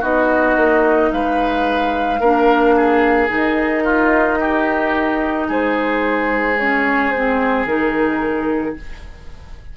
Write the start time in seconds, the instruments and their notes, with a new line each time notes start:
0.00 bassoon B3, clarinet D#4, oboe F#4, flute D#5
0.56 bassoon A#3
1.11 bassoon G#3, oboe B4, flute F5
2.19 bassoon A#3, clarinet D4, oboe A#4
2.76 oboe G#4
3.27 bassoon D#3, clarinet D#4, flute D#5
3.83 oboe F4
4.40 oboe G4
5.47 bassoon G#3, oboe G#4, flute C5
6.57 clarinet C#4, flute C#5
7.10 clarinet C4, flute C5
7.64 bassoon D#3, clarinet D#4, flute A#4